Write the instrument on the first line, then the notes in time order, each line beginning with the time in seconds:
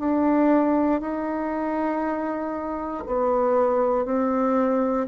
bassoon
0.00 D4
1.01 D#4
3.06 B3
4.05 C4